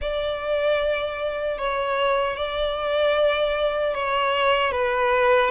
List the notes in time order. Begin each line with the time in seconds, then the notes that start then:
0.01 D5
1.58 C#5
2.36 D5
3.94 C#5
4.72 B4